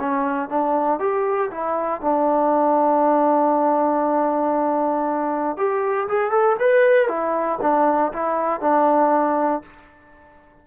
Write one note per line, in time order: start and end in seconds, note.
0.00 0.49 C#4
0.49 0.99 D4
0.99 1.50 G4
1.51 2.01 E4
2.01 5.57 D4
5.57 6.08 G4
6.09 6.31 G#4
6.31 6.56 A4
6.60 7.08 B4
7.08 7.59 E4
7.62 8.12 D4
8.13 8.61 E4
8.61 9.63 D4